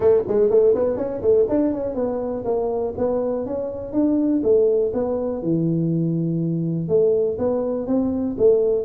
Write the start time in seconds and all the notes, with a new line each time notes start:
0.00 A3
0.27 G#3
0.49 A3
0.74 B3
0.96 C#4
1.21 A3
1.48 D4
1.73 C#4
1.94 B3
2.45 A#3
2.97 B3
3.46 C#4
3.93 D4
4.43 A3
4.93 B3
5.42 E3
6.88 A3
7.38 B3
7.86 C4
8.37 A3